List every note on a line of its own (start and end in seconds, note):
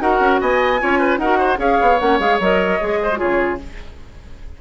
0.00 0.20 D#4
0.00 0.80 F#4
0.00 0.41 A#4
0.00 0.41 F#5
0.20 0.40 C#4
0.41 0.82 B3
0.41 0.81 D#5
0.41 1.18 G#5
0.80 1.18 C#4
0.80 1.20 F4
0.80 0.99 C#5
0.99 1.19 B4
1.18 1.58 D#4
1.18 1.57 F#4
1.18 1.39 A#4
1.18 1.58 F#5
1.39 1.59 C5
1.57 1.78 C#4
1.57 1.97 G#4
1.57 3.00 C#5
1.57 2.00 F5
1.82 2.01 B3
2.00 2.20 A#3
2.00 2.20 C#4
2.00 2.20 F#5
2.20 2.40 G#3
2.20 2.40 G#4
2.20 2.40 F5
2.40 2.80 F#3
2.40 2.81 A#4
2.40 3.18 D#5
2.81 3.22 G#3
2.81 3.11 G#4
3.03 3.19 C5
3.12 3.58 F4
3.12 3.18 F#4
3.12 3.58 C#5
3.19 3.62 C#3
3.19 3.59 G#4